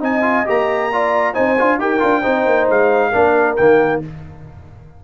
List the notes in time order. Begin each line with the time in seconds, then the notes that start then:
0.00 C4 D#4 D#5 G#5
0.22 F4
0.45 A#3 G4 A#5
0.92 F4 D5
1.34 C4 D#4 C5 G#5
1.58 D4 F4
1.79 D#4 G4 A#4 G5
2.00 D4 F4
2.21 C4 D#4 C5
2.46 A#3
2.69 G#3 F5
3.11 A#3 D4 A#4
3.56 D#3 A#3 G5